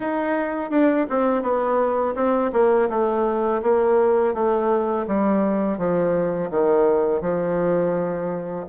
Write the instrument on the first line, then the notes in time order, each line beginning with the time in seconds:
bassoon
0.00 D#4
0.70 D4
1.09 C4
1.42 B3
2.15 C4
2.52 A#3
2.89 A3
3.62 A#3
4.33 A3
5.07 G3
5.77 F3
6.50 D#3
7.21 F3